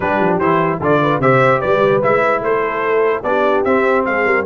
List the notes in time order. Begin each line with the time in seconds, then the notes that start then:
0.00 G3 D4 G4 B4
0.19 F3
0.39 E3 E4 C5
0.79 D3 F4 A4 D5
1.02 B4
1.18 C3 G4 C5 E5
1.60 G3 B4 D5
2.02 G#3 E4 E5
2.41 A3 A4 C5
3.23 B3 D4 G4 D5
3.64 C4 E5
4.05 G#3 G#4 F5
4.25 G3 A#4